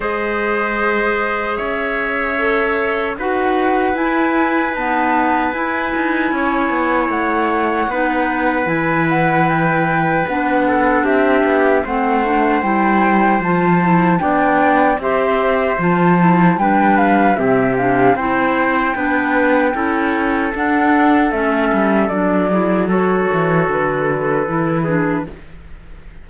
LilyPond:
<<
  \new Staff \with { instrumentName = "flute" } { \time 4/4 \tempo 4 = 76 dis''2 e''2 | fis''4 gis''4 a''4 gis''4~ | gis''4 fis''2 gis''8 fis''8 | g''4 fis''4 e''4 fis''4 |
g''4 a''4 g''4 e''4 | a''4 g''8 f''8 e''8 f''8 g''4~ | g''2 fis''4 e''4 | d''4 cis''4 b'2 | }
  \new Staff \with { instrumentName = "trumpet" } { \time 4/4 c''2 cis''2 | b'1 | cis''2 b'2~ | b'4. a'8 g'4 c''4~ |
c''2 d''4 c''4~ | c''4 b'4 g'4 c''4 | b'4 a'2.~ | a'8 gis'8 a'2~ a'8 gis'8 | }
  \new Staff \with { instrumentName = "clarinet" } { \time 4/4 gis'2. a'4 | fis'4 e'4 b4 e'4~ | e'2 dis'4 e'4~ | e'4 d'2 c'8 d'8 |
e'4 f'8 e'8 d'4 g'4 | f'8 e'8 d'4 c'8 d'8 e'4 | d'4 e'4 d'4 cis'4 | d'8 e'8 fis'2 e'8 d'8 | }
  \new Staff \with { instrumentName = "cello" } { \time 4/4 gis2 cis'2 | dis'4 e'4 dis'4 e'8 dis'8 | cis'8 b8 a4 b4 e4~ | e4 b4 c'8 b8 a4 |
g4 f4 b4 c'4 | f4 g4 c4 c'4 | b4 cis'4 d'4 a8 g8 | fis4. e8 d4 e4 | }
>>